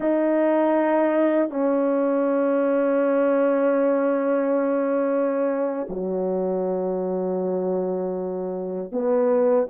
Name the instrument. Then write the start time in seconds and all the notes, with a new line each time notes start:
horn
0.00 D#4
1.49 C#4
5.89 F#3
8.91 B3